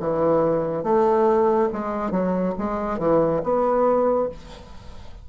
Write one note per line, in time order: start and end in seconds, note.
0.00 0.84 E3
0.84 1.69 A3
1.73 2.11 G#3
2.11 2.54 F#3
2.59 2.99 G#3
2.99 3.42 E3
3.44 4.29 B3